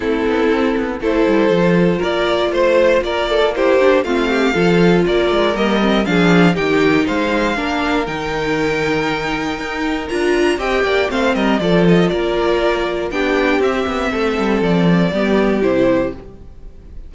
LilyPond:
<<
  \new Staff \with { instrumentName = "violin" } { \time 4/4 \tempo 4 = 119 a'2 c''2 | d''4 c''4 d''4 c''4 | f''2 d''4 dis''4 | f''4 g''4 f''2 |
g''1 | ais''4 g''4 f''8 dis''8 d''8 dis''8 | d''2 g''4 e''4~ | e''4 d''2 c''4 | }
  \new Staff \with { instrumentName = "violin" } { \time 4/4 e'2 a'2 | ais'4 c''4 ais'8 a'8 g'4 | f'8 g'8 a'4 ais'2 | gis'4 g'4 c''4 ais'4~ |
ais'1~ | ais'4 dis''8 d''8 c''8 ais'8 a'4 | ais'2 g'2 | a'2 g'2 | }
  \new Staff \with { instrumentName = "viola" } { \time 4/4 c'2 e'4 f'4~ | f'2. e'8 d'8 | c'4 f'2 ais8 c'8 | d'4 dis'2 d'4 |
dis'1 | f'4 g'4 c'4 f'4~ | f'2 d'4 c'4~ | c'2 b4 e'4 | }
  \new Staff \with { instrumentName = "cello" } { \time 4/4 a8 b8 c'8 b8 a8 g8 f4 | ais4 a4 ais2 | a4 f4 ais8 gis8 g4 | f4 dis4 gis4 ais4 |
dis2. dis'4 | d'4 c'8 ais8 a8 g8 f4 | ais2 b4 c'8 b8 | a8 g8 f4 g4 c4 | }
>>